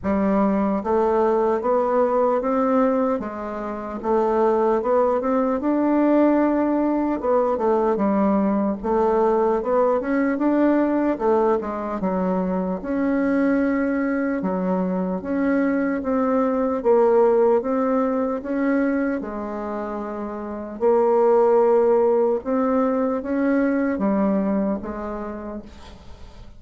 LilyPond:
\new Staff \with { instrumentName = "bassoon" } { \time 4/4 \tempo 4 = 75 g4 a4 b4 c'4 | gis4 a4 b8 c'8 d'4~ | d'4 b8 a8 g4 a4 | b8 cis'8 d'4 a8 gis8 fis4 |
cis'2 fis4 cis'4 | c'4 ais4 c'4 cis'4 | gis2 ais2 | c'4 cis'4 g4 gis4 | }